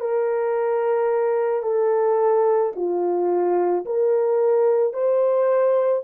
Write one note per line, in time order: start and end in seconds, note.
0.00 1.62 A#4
1.62 2.71 A4
2.76 3.85 F4
3.85 4.93 A#4
4.93 6.02 C5